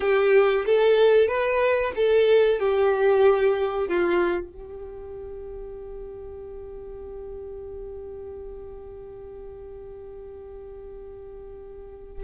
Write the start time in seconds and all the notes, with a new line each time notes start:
0.00 G4
0.65 A4
1.28 B4
1.95 A4
2.59 G4
3.88 F4
4.52 G4